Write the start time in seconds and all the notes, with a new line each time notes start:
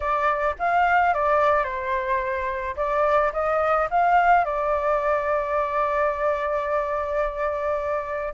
0.00 D5
0.58 F5
1.14 D5
1.64 C5
2.76 D5
3.32 D#5
3.90 F5
4.44 D5